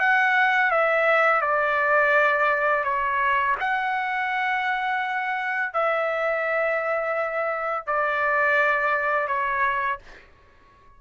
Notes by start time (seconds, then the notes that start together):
0.00 F#5
0.71 E5
1.42 D5
2.84 C#5
3.60 F#5
5.73 E5
7.87 D5
9.28 C#5